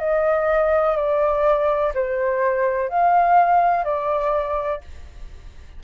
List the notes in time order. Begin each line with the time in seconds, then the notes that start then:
0.00 D#5
0.97 D5
1.95 C5
2.89 F5
3.84 D5